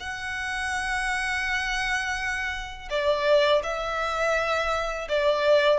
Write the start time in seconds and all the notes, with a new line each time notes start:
0.00 F#5
2.90 D5
3.64 E5
5.09 D5